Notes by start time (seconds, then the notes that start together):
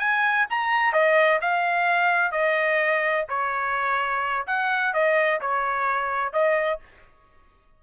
0.00 G#5
0.50 A#5
0.93 D#5
1.41 F5
2.32 D#5
3.29 C#5
4.47 F#5
4.94 D#5
5.41 C#5
6.33 D#5